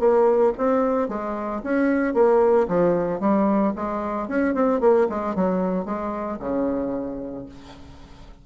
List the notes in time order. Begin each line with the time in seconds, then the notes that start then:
0.00 A#3
0.58 C4
1.09 G#3
1.64 C#4
2.14 A#3
2.68 F3
3.21 G3
3.76 G#3
4.28 C#4
4.55 C4
4.81 A#3
5.09 G#3
5.35 F#3
5.86 G#3
6.40 C#3